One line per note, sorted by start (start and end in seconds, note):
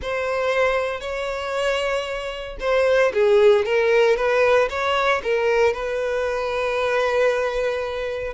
0.02 1.00 C5
1.00 2.57 C#5
2.60 3.12 C5
3.13 3.65 G#4
3.65 4.16 A#4
4.16 4.68 B4
4.69 5.21 C#5
5.23 5.73 A#4
5.73 8.34 B4